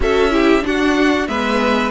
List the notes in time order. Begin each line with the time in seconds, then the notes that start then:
0.00 C#4 F#4 A4 E5
0.30 E4 G4
0.61 D4 F#4 F#5
1.27 G#3 B3 B4 E5